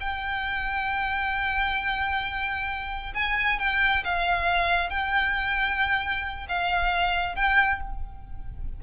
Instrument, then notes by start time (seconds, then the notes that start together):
violin
0.00 G5
3.14 G#5
3.59 G5
4.04 F5
4.90 G5
6.49 F5
7.35 G5